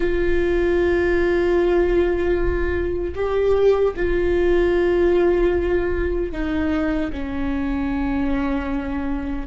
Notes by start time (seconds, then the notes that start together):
0.00 F4
3.15 G4
3.95 F4
6.32 D#4
7.12 C#4